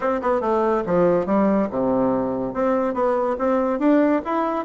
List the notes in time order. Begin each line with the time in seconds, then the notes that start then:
0.00 C4
0.21 B3
0.41 A3
0.86 F3
1.26 G3
1.70 C3
2.53 C4
2.94 B3
3.38 C4
3.79 D4
4.24 E4